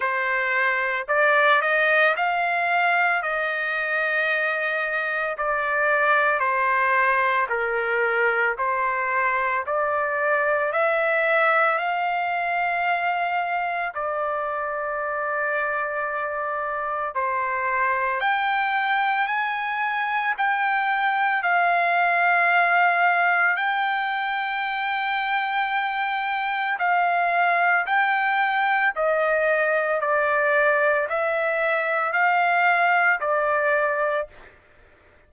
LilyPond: \new Staff \with { instrumentName = "trumpet" } { \time 4/4 \tempo 4 = 56 c''4 d''8 dis''8 f''4 dis''4~ | dis''4 d''4 c''4 ais'4 | c''4 d''4 e''4 f''4~ | f''4 d''2. |
c''4 g''4 gis''4 g''4 | f''2 g''2~ | g''4 f''4 g''4 dis''4 | d''4 e''4 f''4 d''4 | }